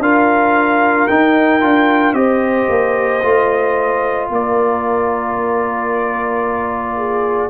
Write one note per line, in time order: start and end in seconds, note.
0.00 1.07 D4
0.00 1.09 F4
0.00 2.17 A#4
0.00 1.08 F5
1.08 1.61 D#4
1.08 1.63 D#4
1.08 2.14 G5
1.61 2.14 D4
1.61 2.15 F4
2.14 2.67 C4
2.14 3.22 G4
2.14 4.32 C5
2.14 4.28 D#5
2.69 3.23 A#3
3.23 4.30 A3
3.23 7.51 F4
4.30 7.51 A#3
4.30 6.97 A#4
4.30 7.51 D5
6.97 7.51 G#4